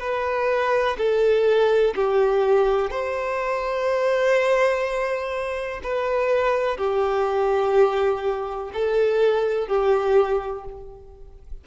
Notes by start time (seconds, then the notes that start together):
0.00 B4
0.98 A4
1.95 G4
2.91 C5
5.83 B4
6.77 G4
8.73 A4
9.68 G4